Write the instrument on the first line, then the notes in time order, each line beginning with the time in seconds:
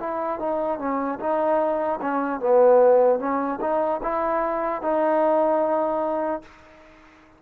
trombone
0.00 E4
0.39 D#4
0.79 C#4
1.20 D#4
2.01 C#4
2.40 B3
3.20 C#4
3.61 D#4
4.03 E4
4.82 D#4